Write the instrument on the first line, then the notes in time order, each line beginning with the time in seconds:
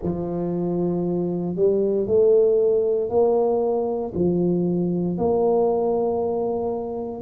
tuba
0.02 F3
1.55 G3
2.06 A3
3.09 A#3
4.14 F3
5.17 A#3